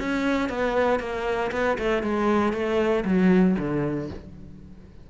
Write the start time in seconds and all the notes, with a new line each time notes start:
0.00 C#4
0.50 B3
1.00 A#3
1.52 B3
1.79 A3
2.03 G#3
2.53 A3
3.05 F#3
3.59 D3